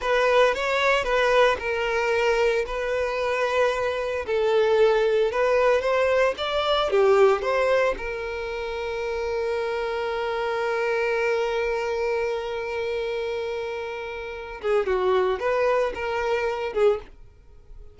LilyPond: \new Staff \with { instrumentName = "violin" } { \time 4/4 \tempo 4 = 113 b'4 cis''4 b'4 ais'4~ | ais'4 b'2. | a'2 b'4 c''4 | d''4 g'4 c''4 ais'4~ |
ais'1~ | ais'1~ | ais'2.~ ais'8 gis'8 | fis'4 b'4 ais'4. gis'8 | }